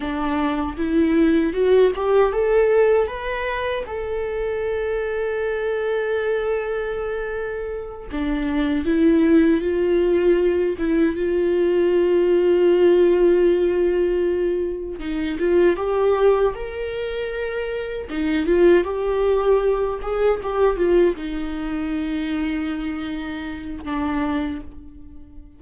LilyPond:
\new Staff \with { instrumentName = "viola" } { \time 4/4 \tempo 4 = 78 d'4 e'4 fis'8 g'8 a'4 | b'4 a'2.~ | a'2~ a'8 d'4 e'8~ | e'8 f'4. e'8 f'4.~ |
f'2.~ f'8 dis'8 | f'8 g'4 ais'2 dis'8 | f'8 g'4. gis'8 g'8 f'8 dis'8~ | dis'2. d'4 | }